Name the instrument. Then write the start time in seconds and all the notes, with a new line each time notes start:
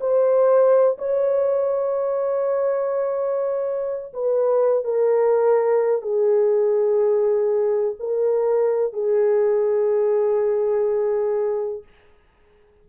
horn
0.00 C5
0.98 C#5
4.13 B4
4.84 A#4
6.01 G#4
7.99 A#4
8.93 G#4